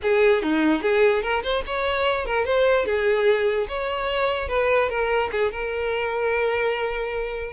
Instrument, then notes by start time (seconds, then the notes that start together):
violin
0.02 G#4
0.42 D#4
0.82 G#4
1.22 A#4
1.43 C5
1.66 C#5
2.25 A#4
2.45 C5
2.85 G#4
3.68 C#5
4.48 B4
4.89 A#4
5.31 G#4
5.51 A#4